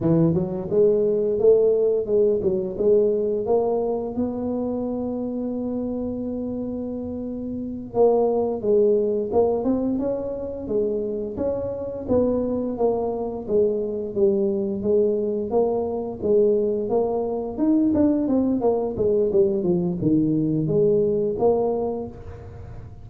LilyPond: \new Staff \with { instrumentName = "tuba" } { \time 4/4 \tempo 4 = 87 e8 fis8 gis4 a4 gis8 fis8 | gis4 ais4 b2~ | b2.~ b8 ais8~ | ais8 gis4 ais8 c'8 cis'4 gis8~ |
gis8 cis'4 b4 ais4 gis8~ | gis8 g4 gis4 ais4 gis8~ | gis8 ais4 dis'8 d'8 c'8 ais8 gis8 | g8 f8 dis4 gis4 ais4 | }